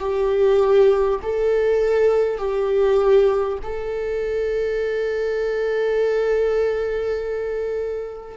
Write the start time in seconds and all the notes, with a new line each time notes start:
0.00 G4
1.23 A4
2.38 G4
3.63 A4